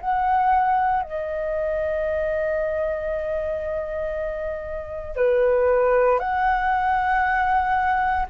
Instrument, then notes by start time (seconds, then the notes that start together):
flute
0.00 F#5
1.02 D#5
5.16 B4
6.19 F#5